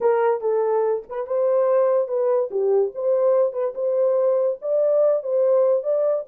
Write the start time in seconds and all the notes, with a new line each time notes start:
0.00 A#4
0.40 A4
1.09 B4
1.26 C5
2.08 B4
2.50 G4
2.94 C5
3.52 B4
3.75 C5
4.61 D5
5.23 C5
5.83 D5